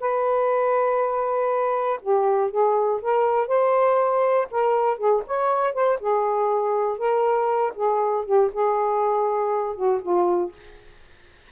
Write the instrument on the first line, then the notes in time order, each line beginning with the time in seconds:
saxophone
0.00 B4
2.01 G4
2.50 G#4
3.01 A#4
3.48 C5
4.51 A#4
4.97 G#4
5.27 C#5
5.74 C5
6.00 G#4
6.98 A#4
7.75 G#4
8.25 G4
8.53 G#4
9.75 F#4
10.02 F4